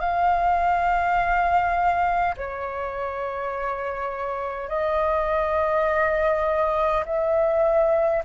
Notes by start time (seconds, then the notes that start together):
0.00 F5
2.36 C#5
4.68 D#5
7.05 E5